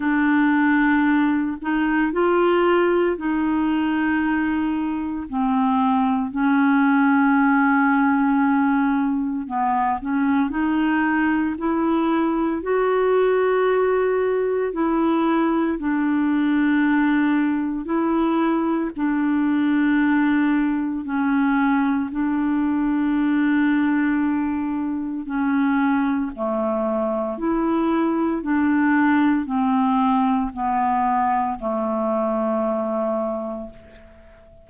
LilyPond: \new Staff \with { instrumentName = "clarinet" } { \time 4/4 \tempo 4 = 57 d'4. dis'8 f'4 dis'4~ | dis'4 c'4 cis'2~ | cis'4 b8 cis'8 dis'4 e'4 | fis'2 e'4 d'4~ |
d'4 e'4 d'2 | cis'4 d'2. | cis'4 a4 e'4 d'4 | c'4 b4 a2 | }